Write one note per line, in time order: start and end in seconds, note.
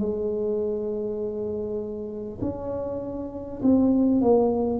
0.00 2.40 G#3
2.41 3.61 C#4
3.63 4.22 C4
4.22 4.80 A#3